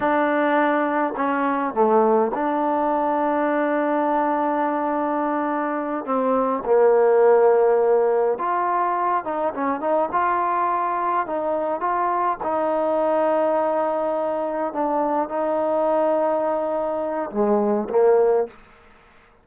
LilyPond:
\new Staff \with { instrumentName = "trombone" } { \time 4/4 \tempo 4 = 104 d'2 cis'4 a4 | d'1~ | d'2~ d'8 c'4 ais8~ | ais2~ ais8 f'4. |
dis'8 cis'8 dis'8 f'2 dis'8~ | dis'8 f'4 dis'2~ dis'8~ | dis'4. d'4 dis'4.~ | dis'2 gis4 ais4 | }